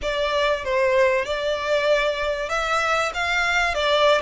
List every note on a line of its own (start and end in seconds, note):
0.02 0.64 D5
0.64 1.25 C5
1.25 2.49 D5
2.49 3.11 E5
3.14 3.74 F5
3.74 4.21 D5